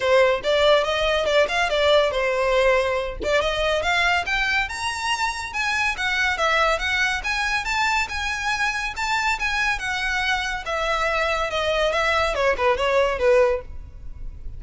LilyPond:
\new Staff \with { instrumentName = "violin" } { \time 4/4 \tempo 4 = 141 c''4 d''4 dis''4 d''8 f''8 | d''4 c''2~ c''8 d''8 | dis''4 f''4 g''4 ais''4~ | ais''4 gis''4 fis''4 e''4 |
fis''4 gis''4 a''4 gis''4~ | gis''4 a''4 gis''4 fis''4~ | fis''4 e''2 dis''4 | e''4 cis''8 b'8 cis''4 b'4 | }